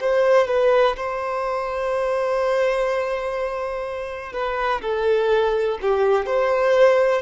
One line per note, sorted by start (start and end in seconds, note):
0.00 0.48 C5
0.48 0.96 B4
0.96 4.32 C5
4.32 4.81 B4
4.82 5.78 A4
5.82 6.26 G4
6.26 7.22 C5